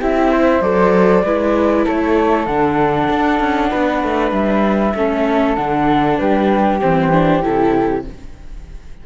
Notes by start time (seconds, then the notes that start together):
0.00 C4 E4 G4 E5
0.31 C5
0.61 F#3 A4 D5
1.24 G#3 E4 B4
1.85 A3 A4 C#5
2.46 D3 D4 F#5
3.10 D4
3.40 C#4
3.70 B3 B4
4.03 A3
4.32 G3 E5
4.95 A3 C#4 A4
5.56 D3 D4 F#5
6.18 G3 G4 B4
6.82 E3 C4 C5
7.12 D4
7.43 C3 E4 A4